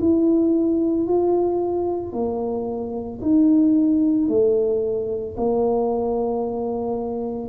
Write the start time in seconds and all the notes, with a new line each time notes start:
0.00 E4
1.07 F4
2.13 A#3
3.21 D#4
4.28 A3
5.37 A#3